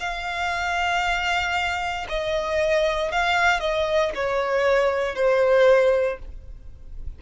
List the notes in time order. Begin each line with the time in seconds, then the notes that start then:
0.00 F5
2.09 D#5
3.12 F5
3.60 D#5
4.15 C#5
5.15 C5